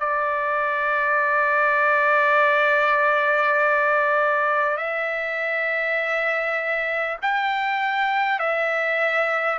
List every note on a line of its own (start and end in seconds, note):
0.00 4.77 D5
4.77 7.17 E5
7.22 8.39 G5
8.39 9.59 E5